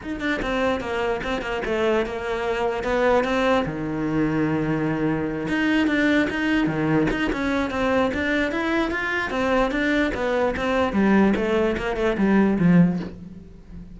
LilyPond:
\new Staff \with { instrumentName = "cello" } { \time 4/4 \tempo 4 = 148 dis'8 d'8 c'4 ais4 c'8 ais8 | a4 ais2 b4 | c'4 dis2.~ | dis4. dis'4 d'4 dis'8~ |
dis'8 dis4 dis'8 cis'4 c'4 | d'4 e'4 f'4 c'4 | d'4 b4 c'4 g4 | a4 ais8 a8 g4 f4 | }